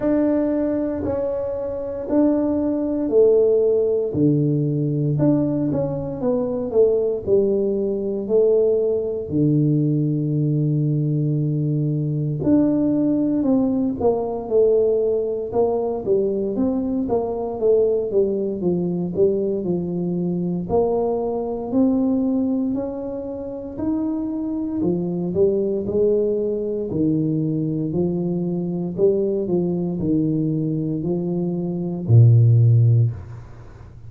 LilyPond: \new Staff \with { instrumentName = "tuba" } { \time 4/4 \tempo 4 = 58 d'4 cis'4 d'4 a4 | d4 d'8 cis'8 b8 a8 g4 | a4 d2. | d'4 c'8 ais8 a4 ais8 g8 |
c'8 ais8 a8 g8 f8 g8 f4 | ais4 c'4 cis'4 dis'4 | f8 g8 gis4 dis4 f4 | g8 f8 dis4 f4 ais,4 | }